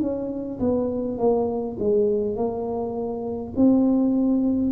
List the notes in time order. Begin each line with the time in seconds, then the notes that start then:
0.00 C#4
0.59 B3
1.18 A#3
1.79 G#3
2.35 A#3
3.56 C4